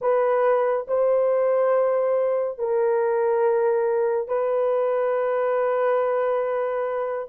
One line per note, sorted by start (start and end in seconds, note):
0.01 0.86 B4
0.87 2.58 C5
2.58 4.28 A#4
4.28 7.28 B4